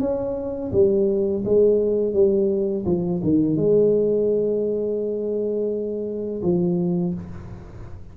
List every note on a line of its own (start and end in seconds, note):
0.00 0.71 C#4
0.72 1.43 G3
1.45 2.13 G#3
2.13 2.84 G3
2.85 3.21 F3
3.23 3.56 D#3
3.56 6.42 G#3
6.42 7.14 F3